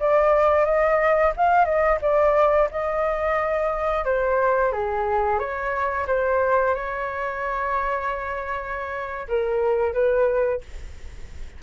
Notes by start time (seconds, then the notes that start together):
0.00 D5
0.66 D#5
1.37 F5
1.65 D#5
2.02 D5
2.72 D#5
4.05 C5
4.73 G#4
5.39 C#5
6.08 C5
6.75 C#5
9.28 A#4
9.94 B4